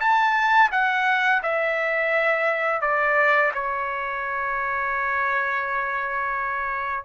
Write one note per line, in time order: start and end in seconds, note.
0.00 0.71 A5
0.72 1.42 F#5
1.43 2.81 E5
2.81 3.52 D5
3.54 7.05 C#5